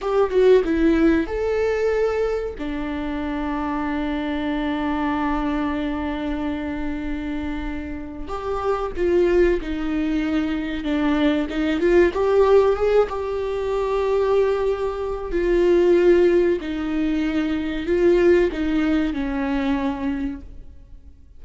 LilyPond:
\new Staff \with { instrumentName = "viola" } { \time 4/4 \tempo 4 = 94 g'8 fis'8 e'4 a'2 | d'1~ | d'1~ | d'4 g'4 f'4 dis'4~ |
dis'4 d'4 dis'8 f'8 g'4 | gis'8 g'2.~ g'8 | f'2 dis'2 | f'4 dis'4 cis'2 | }